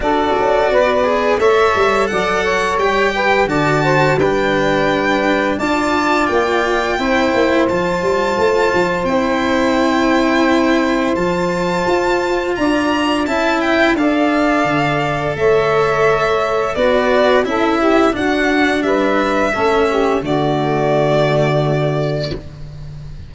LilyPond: <<
  \new Staff \with { instrumentName = "violin" } { \time 4/4 \tempo 4 = 86 d''2 e''4 fis''4 | g''4 a''4 g''2 | a''4 g''2 a''4~ | a''4 g''2. |
a''2 ais''4 a''8 g''8 | f''2 e''2 | d''4 e''4 fis''4 e''4~ | e''4 d''2. | }
  \new Staff \with { instrumentName = "saxophone" } { \time 4/4 a'4 b'4 cis''4 d''8 cis''8~ | cis''8 b'8 d''8 c''8 b'2 | d''2 c''2~ | c''1~ |
c''2 d''4 e''4 | d''2 cis''2 | b'4 a'8 g'8 fis'4 b'4 | a'8 g'8 fis'2. | }
  \new Staff \with { instrumentName = "cello" } { \time 4/4 fis'4. gis'8 a'2 | g'4 fis'4 d'2 | f'2 e'4 f'4~ | f'4 e'2. |
f'2. e'4 | a'1 | fis'4 e'4 d'2 | cis'4 a2. | }
  \new Staff \with { instrumentName = "tuba" } { \time 4/4 d'8 cis'8 b4 a8 g8 fis4 | g4 d4 g2 | d'4 ais4 c'8 ais8 f8 g8 | a8 f8 c'2. |
f4 f'4 d'4 cis'4 | d'4 d4 a2 | b4 cis'4 d'4 g4 | a4 d2. | }
>>